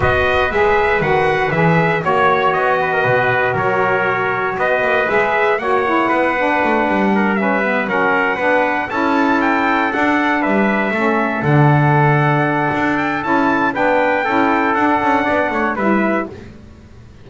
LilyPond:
<<
  \new Staff \with { instrumentName = "trumpet" } { \time 4/4 \tempo 4 = 118 dis''4 e''4 fis''4 e''4 | cis''4 dis''2 cis''4~ | cis''4 dis''4 e''4 fis''4~ | fis''2~ fis''8 e''4 fis''8~ |
fis''4. a''4 g''4 fis''8~ | fis''8 e''2 fis''4.~ | fis''4. g''8 a''4 g''4~ | g''4 fis''2 e''4 | }
  \new Staff \with { instrumentName = "trumpet" } { \time 4/4 b'1 | cis''4. b'16 ais'16 b'4 ais'4~ | ais'4 b'2 cis''4 | b'2 ais'8 b'4 ais'8~ |
ais'8 b'4 a'2~ a'8~ | a'8 b'4 a'2~ a'8~ | a'2. b'4 | a'2 d''8 cis''8 b'4 | }
  \new Staff \with { instrumentName = "saxophone" } { \time 4/4 fis'4 gis'4 fis'4 gis'4 | fis'1~ | fis'2 gis'4 fis'8 e'8~ | e'8 d'2 cis'8 b8 cis'8~ |
cis'8 d'4 e'2 d'8~ | d'4. cis'4 d'4.~ | d'2 e'4 d'4 | e'4 d'2 e'4 | }
  \new Staff \with { instrumentName = "double bass" } { \time 4/4 b4 gis4 dis4 e4 | ais4 b4 b,4 fis4~ | fis4 b8 ais8 gis4 ais4 | b4 a8 g2 fis8~ |
fis8 b4 cis'2 d'8~ | d'8 g4 a4 d4.~ | d4 d'4 cis'4 b4 | cis'4 d'8 cis'8 b8 a8 g4 | }
>>